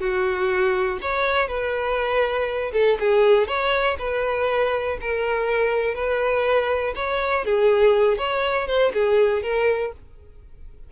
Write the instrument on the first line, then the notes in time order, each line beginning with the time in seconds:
violin
0.00 F#4
1.01 C#5
1.48 B4
2.73 A4
3.00 G#4
3.48 C#5
3.99 B4
5.01 A#4
5.95 B4
6.95 C#5
7.45 G#4
8.18 C#5
8.67 C5
8.93 G#4
9.43 A#4